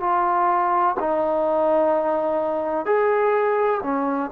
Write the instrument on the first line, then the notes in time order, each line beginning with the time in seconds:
trombone
0.00 F4
1.00 D#4
2.85 G#4
3.83 C#4